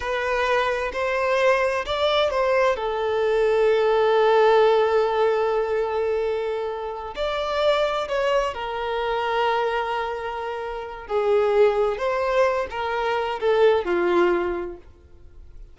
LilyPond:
\new Staff \with { instrumentName = "violin" } { \time 4/4 \tempo 4 = 130 b'2 c''2 | d''4 c''4 a'2~ | a'1~ | a'2.~ a'8 d''8~ |
d''4. cis''4 ais'4.~ | ais'1 | gis'2 c''4. ais'8~ | ais'4 a'4 f'2 | }